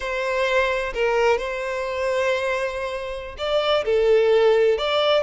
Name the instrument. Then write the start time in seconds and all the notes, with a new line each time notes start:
violin
0.00 C5
0.94 A#4
1.38 C5
3.37 D5
3.85 A4
4.78 D5